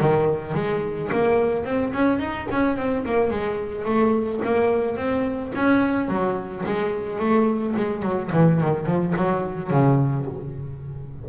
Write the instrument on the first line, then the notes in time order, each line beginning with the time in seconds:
double bass
0.00 D#3
0.54 G#3
1.12 A#3
1.64 C4
1.93 C#4
2.19 D#4
2.51 C#4
2.77 C4
3.05 A#3
3.30 G#3
3.84 A3
4.44 A#3
4.96 C4
5.55 C#4
6.08 F#3
6.65 G#3
7.19 A3
7.76 G#3
8.02 F#3
8.32 E3
8.60 D#3
8.86 F3
9.16 F#3
9.70 C#3